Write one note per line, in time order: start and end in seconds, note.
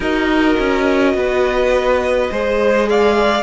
0.00 0.55 D#4
0.00 2.31 F#4
0.00 1.14 A#4
0.00 2.89 D#5
0.59 1.14 C#4
1.14 2.29 B3
1.14 2.31 B4
2.31 3.42 G#3
2.31 3.42 G#4
2.31 2.88 C5
2.89 3.42 D5
2.89 3.42 F5